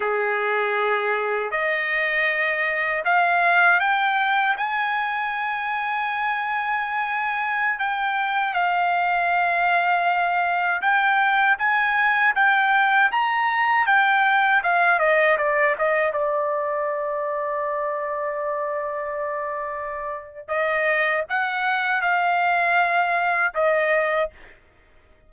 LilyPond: \new Staff \with { instrumentName = "trumpet" } { \time 4/4 \tempo 4 = 79 gis'2 dis''2 | f''4 g''4 gis''2~ | gis''2~ gis''16 g''4 f''8.~ | f''2~ f''16 g''4 gis''8.~ |
gis''16 g''4 ais''4 g''4 f''8 dis''16~ | dis''16 d''8 dis''8 d''2~ d''8.~ | d''2. dis''4 | fis''4 f''2 dis''4 | }